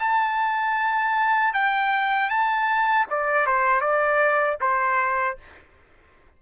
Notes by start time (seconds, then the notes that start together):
0.00 A5
1.54 G5
2.30 A5
3.10 D5
3.47 C5
3.81 D5
4.62 C5